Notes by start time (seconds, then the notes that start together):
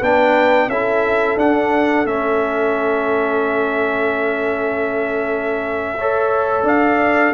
0.00 B3 D4 B4 G5
0.68 C#4 E4 A4 E5
1.37 D4 F#5
2.06 A3 C#4 E5
5.98 A4 C#5
6.64 D4 D5 F5